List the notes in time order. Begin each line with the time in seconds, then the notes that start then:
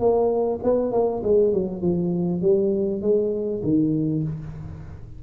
0.00 A#3
0.64 B3
0.92 A#3
1.24 G#3
1.54 F#3
1.82 F3
2.42 G3
3.02 G#3
3.64 D#3